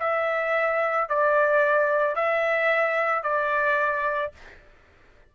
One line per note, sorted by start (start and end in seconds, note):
0.00 1.09 E5
1.09 2.16 D5
2.16 3.23 E5
3.23 4.32 D5